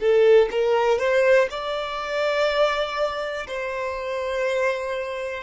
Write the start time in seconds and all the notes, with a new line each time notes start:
0.00 A4
0.51 A#4
0.99 C5
1.50 D5
3.47 C5